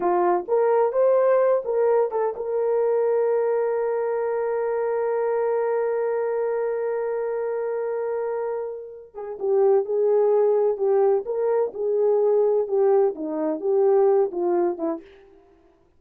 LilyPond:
\new Staff \with { instrumentName = "horn" } { \time 4/4 \tempo 4 = 128 f'4 ais'4 c''4. ais'8~ | ais'8 a'8 ais'2.~ | ais'1~ | ais'1~ |
ais'2.~ ais'8 gis'8 | g'4 gis'2 g'4 | ais'4 gis'2 g'4 | dis'4 g'4. f'4 e'8 | }